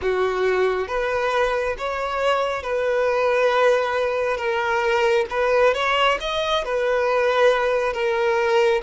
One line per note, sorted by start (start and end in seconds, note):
0.01 0.87 F#4
0.87 1.76 B4
1.78 2.62 C#5
2.62 4.37 B4
4.37 5.25 A#4
5.29 5.74 B4
5.74 6.18 C#5
6.20 6.64 D#5
6.64 7.93 B4
7.93 8.81 A#4